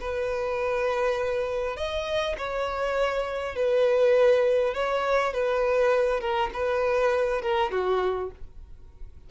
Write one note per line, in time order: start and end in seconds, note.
0.00 1.77 B4
1.77 2.36 D#5
2.38 3.55 C#5
3.55 4.74 B4
4.74 5.33 C#5
5.33 6.21 B4
6.21 6.50 A#4
6.53 7.42 B4
7.42 7.71 A#4
7.71 8.31 F#4